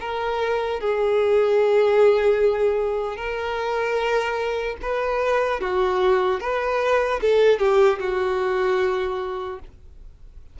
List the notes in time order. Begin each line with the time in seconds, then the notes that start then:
0.00 A#4
0.80 G#4
3.17 A#4
4.82 B4
5.60 F#4
6.40 B4
7.21 A4
7.59 G4
7.99 F#4